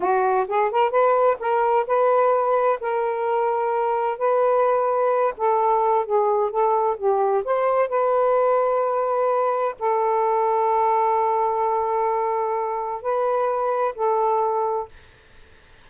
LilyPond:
\new Staff \with { instrumentName = "saxophone" } { \time 4/4 \tempo 4 = 129 fis'4 gis'8 ais'8 b'4 ais'4 | b'2 ais'2~ | ais'4 b'2~ b'8 a'8~ | a'4 gis'4 a'4 g'4 |
c''4 b'2.~ | b'4 a'2.~ | a'1 | b'2 a'2 | }